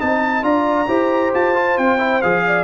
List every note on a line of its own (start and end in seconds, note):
0.00 0.43 C4
0.00 0.43 D#4
0.00 0.44 D#5
0.00 0.44 A5
0.43 0.87 D4
0.43 0.87 F4
0.43 0.89 D5
0.43 1.33 A#5
0.88 1.33 E4
0.88 1.54 G4
0.88 2.44 C5
1.34 1.78 F4
1.34 1.78 A5
1.55 1.99 F4
1.78 2.23 C4
1.78 2.22 G5
1.99 2.21 E4
2.22 2.64 F3
2.22 2.64 G#4
2.22 2.64 F5
2.47 2.64 D5